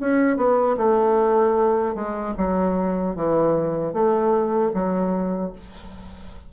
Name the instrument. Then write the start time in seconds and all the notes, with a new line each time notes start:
bassoon
0.00 C#4
0.37 B3
0.78 A3
1.95 G#3
2.37 F#3
3.16 E3
3.93 A3
4.74 F#3